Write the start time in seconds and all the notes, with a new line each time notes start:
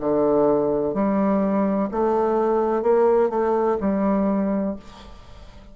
0.00 D3
0.94 G3
1.91 A3
2.83 A#3
3.30 A3
3.81 G3